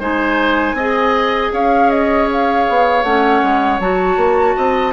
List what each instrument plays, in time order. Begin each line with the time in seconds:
0.00 bassoon G#3, clarinet D#4, oboe C5, flute G#5
0.73 bassoon C4, oboe D#5
0.80 clarinet G#4
1.53 bassoon C#4, oboe C#5, flute F5
1.90 flute D#5
2.33 flute F5
2.69 bassoon B3
3.04 bassoon A3, clarinet C#4, flute F#5
3.43 bassoon G#3
3.80 bassoon F#3, clarinet F#4, flute A5
4.17 bassoon A#3
4.57 bassoon C4, oboe D#5